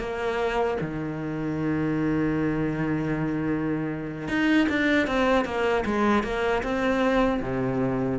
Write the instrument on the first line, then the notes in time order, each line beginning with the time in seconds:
cello
0.00 A#3
0.81 D#3
4.29 D#4
4.69 D4
5.07 C4
5.45 A#3
5.86 G#3
6.24 A#3
6.63 C4
7.42 C3